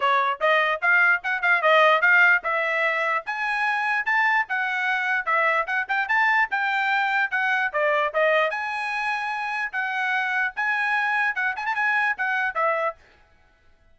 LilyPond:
\new Staff \with { instrumentName = "trumpet" } { \time 4/4 \tempo 4 = 148 cis''4 dis''4 f''4 fis''8 f''8 | dis''4 f''4 e''2 | gis''2 a''4 fis''4~ | fis''4 e''4 fis''8 g''8 a''4 |
g''2 fis''4 d''4 | dis''4 gis''2. | fis''2 gis''2 | fis''8 gis''16 a''16 gis''4 fis''4 e''4 | }